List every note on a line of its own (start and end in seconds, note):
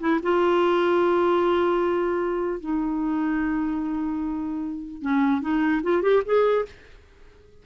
0.00 0.20 E4
0.23 2.60 F4
2.60 5.02 D#4
5.02 5.41 C#4
5.41 5.82 D#4
5.83 6.02 F4
6.02 6.23 G4
6.25 6.66 G#4